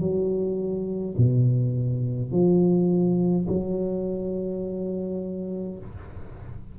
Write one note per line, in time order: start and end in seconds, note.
0.00 1.15 F#3
1.17 2.32 B2
2.32 3.47 F3
3.48 5.78 F#3